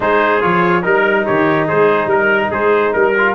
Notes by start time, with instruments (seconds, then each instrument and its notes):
0.00 tuba G#3, trombone D#4, trumpet G#4 C5
0.40 tuba F3, trombone F4, trumpet C#5
0.82 tuba G3, trombone D#4, trumpet A#4
1.26 tuba D#3, trumpet G4 C#5
1.67 tuba G#3, trumpet G#4 C5
2.06 tuba G3, trumpet A#4
2.50 tuba G#3, trumpet G#4 C5
2.93 tuba G3, trumpet A#4
3.18 trombone F4